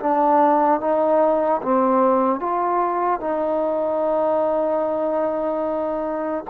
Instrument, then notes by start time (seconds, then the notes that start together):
trombone
0.00 D4
0.80 D#4
1.63 C4
2.40 F4
3.21 D#4